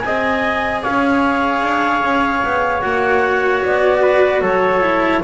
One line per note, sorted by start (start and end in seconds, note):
0.00 0.85 C4
0.00 2.82 G#4
0.00 0.83 D#5
0.00 0.80 G#5
0.83 1.63 C#4
0.83 4.02 C#5
0.83 2.82 F5
1.63 2.03 D4
2.03 2.43 C#4
2.44 2.84 B3
2.82 3.64 A#3
2.82 4.82 F#4
2.82 3.62 F#5
3.65 4.42 B3
3.65 4.43 D5
4.02 4.42 B4
4.42 5.22 F#3
4.42 5.22 A4
4.42 5.23 C#5
4.82 5.22 E4